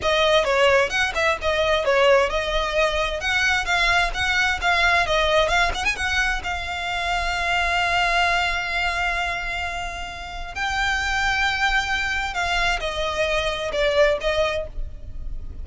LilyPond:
\new Staff \with { instrumentName = "violin" } { \time 4/4 \tempo 4 = 131 dis''4 cis''4 fis''8 e''8 dis''4 | cis''4 dis''2 fis''4 | f''4 fis''4 f''4 dis''4 | f''8 fis''16 gis''16 fis''4 f''2~ |
f''1~ | f''2. g''4~ | g''2. f''4 | dis''2 d''4 dis''4 | }